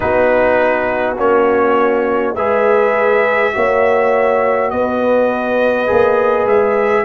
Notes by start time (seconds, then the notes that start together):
0.00 B3 D#4 F#4 B4
1.17 A#3 C#4 C#5
2.35 G#3 G#4 B4 E5
3.53 A#3 F#4 C#5
4.70 B3 B4 D#5
5.86 A#3 G#4
6.46 G#3 E5